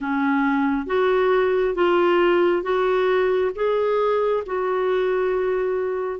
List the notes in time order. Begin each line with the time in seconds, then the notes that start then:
0.00 C#4
0.86 F#4
1.74 F4
2.62 F#4
3.55 G#4
4.46 F#4